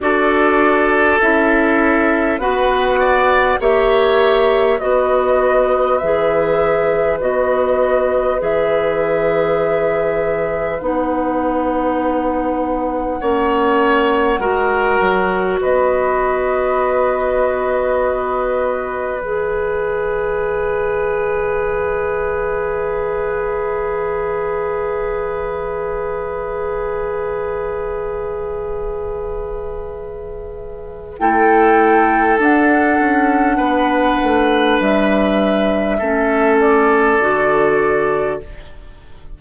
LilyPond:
<<
  \new Staff \with { instrumentName = "flute" } { \time 4/4 \tempo 4 = 50 d''4 e''4 fis''4 e''4 | dis''4 e''4 dis''4 e''4~ | e''4 fis''2.~ | fis''4 dis''2. |
e''1~ | e''1~ | e''2 g''4 fis''4~ | fis''4 e''4. d''4. | }
  \new Staff \with { instrumentName = "oboe" } { \time 4/4 a'2 b'8 d''8 cis''4 | b'1~ | b'2. cis''4 | ais'4 b'2.~ |
b'1~ | b'1~ | b'2 a'2 | b'2 a'2 | }
  \new Staff \with { instrumentName = "clarinet" } { \time 4/4 fis'4 e'4 fis'4 g'4 | fis'4 gis'4 fis'4 gis'4~ | gis'4 dis'2 cis'4 | fis'1 |
gis'1~ | gis'1~ | gis'2 e'4 d'4~ | d'2 cis'4 fis'4 | }
  \new Staff \with { instrumentName = "bassoon" } { \time 4/4 d'4 cis'4 b4 ais4 | b4 e4 b4 e4~ | e4 b2 ais4 | gis8 fis8 b2. |
e1~ | e1~ | e2 a4 d'8 cis'8 | b8 a8 g4 a4 d4 | }
>>